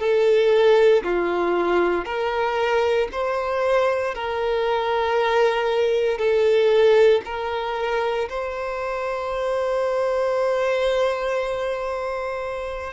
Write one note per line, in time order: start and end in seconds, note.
0.00 1.03 A4
1.04 2.05 F4
2.05 3.09 A#4
3.12 4.15 C5
4.15 6.18 A#4
6.18 7.22 A4
7.26 8.29 A#4
8.29 12.94 C5